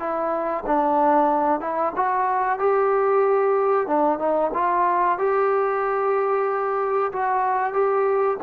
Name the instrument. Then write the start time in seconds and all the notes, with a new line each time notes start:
trombone
0.00 E4
0.67 D4
1.61 E4
1.96 F#4
2.60 G4
3.88 D4
4.19 D#4
4.54 F4
5.19 G4
7.13 F#4
7.74 G4